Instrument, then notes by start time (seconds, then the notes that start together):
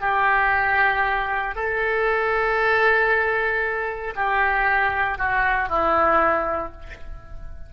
oboe
0.00 G4
1.55 A4
4.15 G4
5.18 F#4
5.68 E4